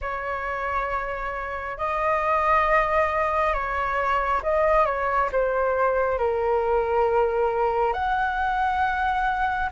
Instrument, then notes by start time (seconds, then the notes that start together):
flute
0.01 C#5
1.77 D#5
3.53 C#5
4.42 D#5
4.85 C#5
5.32 C5
6.18 A#4
7.93 F#5